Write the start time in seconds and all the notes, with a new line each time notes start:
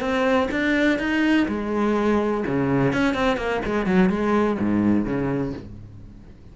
0.00 C4
0.51 D4
0.99 D#4
1.48 G#3
2.47 C#3
2.92 C#4
3.14 C4
3.37 A#3
3.65 G#3
3.86 F#3
4.10 G#3
4.59 G#2
5.05 C#3